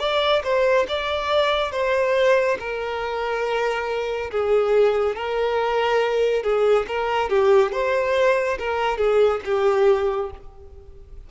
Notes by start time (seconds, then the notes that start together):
0.00 D5
0.44 C5
0.89 D5
1.72 C5
2.60 A#4
4.32 G#4
5.16 A#4
6.44 G#4
6.88 A#4
7.30 G4
7.73 C5
8.59 A#4
8.98 G#4
9.45 G4